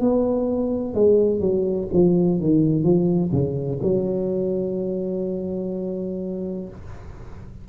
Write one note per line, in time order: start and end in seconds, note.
0.00 0.94 B3
0.94 1.40 G#3
1.40 1.87 F#3
1.93 2.40 F3
2.40 2.83 D#3
2.83 3.31 F3
3.32 3.79 C#3
3.82 6.68 F#3